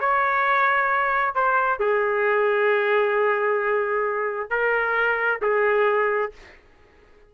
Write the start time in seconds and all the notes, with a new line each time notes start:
0.00 C#5
1.35 C5
1.80 G#4
4.50 A#4
5.42 G#4